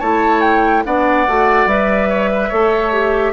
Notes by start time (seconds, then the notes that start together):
0.00 A3 E4 C#5 A5
0.42 G5
0.85 B3 D4 D5 F#5
1.28 A3 F#4
1.66 G3 B4 E5
2.10 C#5
2.32 B4
2.49 A3 A4 C#5
2.93 G4